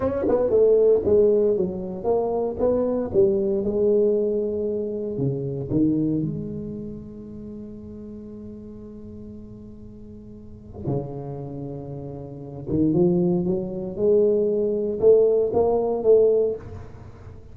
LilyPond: \new Staff \with { instrumentName = "tuba" } { \time 4/4 \tempo 4 = 116 cis'8 b8 a4 gis4 fis4 | ais4 b4 g4 gis4~ | gis2 cis4 dis4 | gis1~ |
gis1~ | gis4 cis2.~ | cis8 dis8 f4 fis4 gis4~ | gis4 a4 ais4 a4 | }